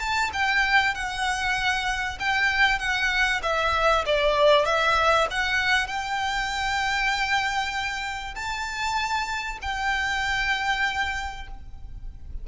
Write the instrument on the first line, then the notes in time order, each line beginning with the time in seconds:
violin
0.00 A5
0.33 G5
0.95 F#5
2.20 G5
2.79 F#5
3.43 E5
4.06 D5
4.66 E5
5.31 F#5
5.87 G5
8.35 A5
9.62 G5